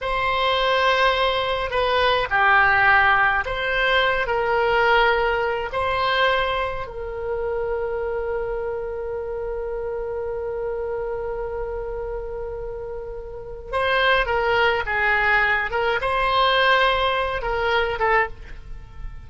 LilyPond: \new Staff \with { instrumentName = "oboe" } { \time 4/4 \tempo 4 = 105 c''2. b'4 | g'2 c''4. ais'8~ | ais'2 c''2 | ais'1~ |
ais'1~ | ais'1 | c''4 ais'4 gis'4. ais'8 | c''2~ c''8 ais'4 a'8 | }